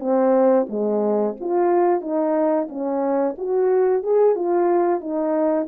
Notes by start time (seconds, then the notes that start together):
0.00 C4
0.69 G#3
1.40 F4
2.01 D#4
2.69 C#4
3.38 F#4
4.03 G#4
4.35 F4
5.01 D#4